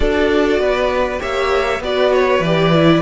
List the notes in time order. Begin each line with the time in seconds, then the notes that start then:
0.00 D4 F#4 A4 D5
0.58 B3 B4
1.18 A#3 G4 C#5 E5
1.80 B3 F#4 B4 D5
2.13 C#5
2.39 E3 G4 D5
2.72 E4